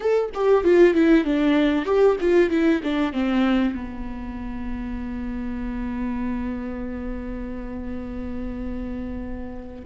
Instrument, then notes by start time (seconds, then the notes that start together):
viola
0.00 A4
0.34 G4
0.63 F4
0.94 E4
1.24 D4
1.85 G4
2.20 F4
2.50 E4
2.83 D4
3.12 C4
3.74 B3